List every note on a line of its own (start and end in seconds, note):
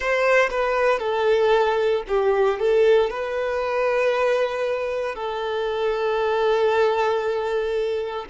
0.00 0.49 C5
0.50 0.99 B4
0.99 2.02 A4
2.07 2.59 G4
2.59 3.10 A4
3.10 5.15 B4
5.15 8.25 A4